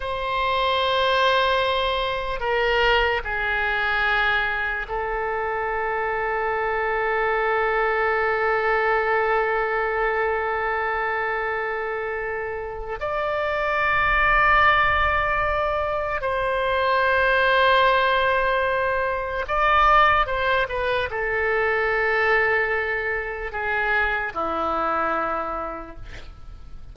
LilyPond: \new Staff \with { instrumentName = "oboe" } { \time 4/4 \tempo 4 = 74 c''2. ais'4 | gis'2 a'2~ | a'1~ | a'1 |
d''1 | c''1 | d''4 c''8 b'8 a'2~ | a'4 gis'4 e'2 | }